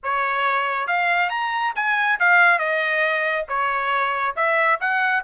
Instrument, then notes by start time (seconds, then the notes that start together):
trumpet
0.03 C#5
0.87 F5
1.29 A#5
1.75 G#5
2.19 F5
2.58 D#5
3.48 C#5
4.36 E5
4.80 F#5